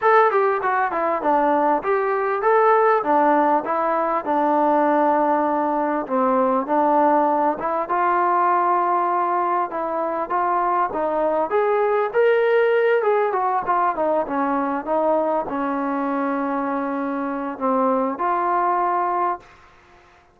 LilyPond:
\new Staff \with { instrumentName = "trombone" } { \time 4/4 \tempo 4 = 99 a'8 g'8 fis'8 e'8 d'4 g'4 | a'4 d'4 e'4 d'4~ | d'2 c'4 d'4~ | d'8 e'8 f'2. |
e'4 f'4 dis'4 gis'4 | ais'4. gis'8 fis'8 f'8 dis'8 cis'8~ | cis'8 dis'4 cis'2~ cis'8~ | cis'4 c'4 f'2 | }